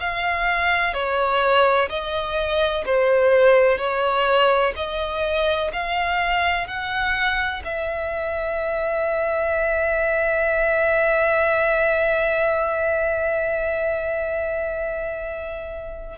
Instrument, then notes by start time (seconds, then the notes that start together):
violin
0.00 F5
0.94 C#5
1.89 D#5
2.86 C5
3.78 C#5
4.76 D#5
5.73 F5
6.68 F#5
7.65 E5